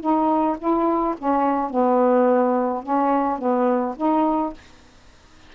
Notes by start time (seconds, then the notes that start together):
0.00 D#4
0.58 E4
1.18 C#4
1.70 B3
2.83 C#4
3.38 B3
3.96 D#4